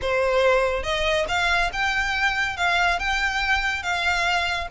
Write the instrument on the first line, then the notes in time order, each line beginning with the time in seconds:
violin
0.01 C5
0.83 D#5
1.28 F5
1.72 G5
2.56 F5
2.99 G5
3.82 F5